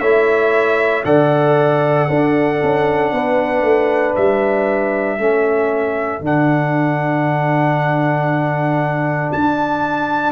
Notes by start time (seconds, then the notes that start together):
0.00 A3 E4 C#5 E5
1.05 D3 A4 D5 F#5
2.09 D4 A4
2.63 C#4
3.12 B3 B4
3.62 A3
4.16 G3 E5
5.19 A3 C#4 A4
6.20 D3 D4 F#5
9.33 D4 A5